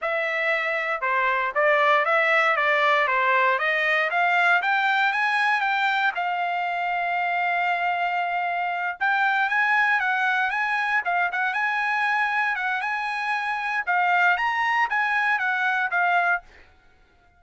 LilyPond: \new Staff \with { instrumentName = "trumpet" } { \time 4/4 \tempo 4 = 117 e''2 c''4 d''4 | e''4 d''4 c''4 dis''4 | f''4 g''4 gis''4 g''4 | f''1~ |
f''4. g''4 gis''4 fis''8~ | fis''8 gis''4 f''8 fis''8 gis''4.~ | gis''8 fis''8 gis''2 f''4 | ais''4 gis''4 fis''4 f''4 | }